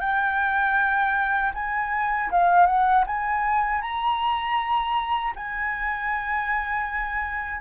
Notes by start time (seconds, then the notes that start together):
0.00 G5
1.54 G#5
2.31 F5
2.66 F#5
3.06 G#5
3.81 A#5
5.35 G#5